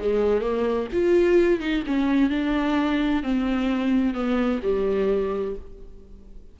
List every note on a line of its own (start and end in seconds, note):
0.00 0.41 G#3
0.41 0.88 A#3
0.93 1.61 F4
1.61 1.84 D#4
1.87 2.30 C#4
2.30 3.23 D4
3.23 4.15 C4
4.15 4.61 B3
4.63 5.56 G3